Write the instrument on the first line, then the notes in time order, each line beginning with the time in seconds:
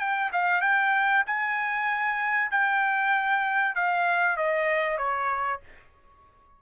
trumpet
0.00 G5
0.33 F5
0.62 G5
1.27 G#5
2.51 G5
3.75 F5
4.37 D#5
4.98 C#5